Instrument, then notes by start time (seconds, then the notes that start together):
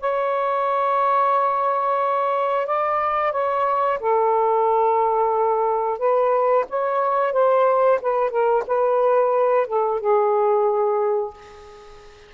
saxophone
0.00 C#5
2.66 D5
3.32 C#5
4.00 A4
5.98 B4
6.69 C#5
7.32 C5
8.01 B4
8.30 A#4
8.67 B4
9.67 A4
10.00 G#4